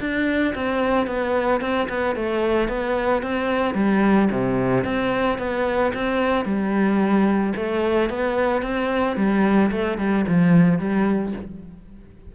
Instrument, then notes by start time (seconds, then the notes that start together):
cello
0.00 D4
0.55 C4
1.07 B3
1.61 C4
1.89 B3
2.16 A3
2.69 B3
3.22 C4
3.75 G3
4.31 C3
4.85 C4
5.39 B3
5.94 C4
6.45 G3
7.56 A3
8.10 B3
8.62 C4
9.16 G3
9.71 A3
9.98 G3
10.28 F3
10.79 G3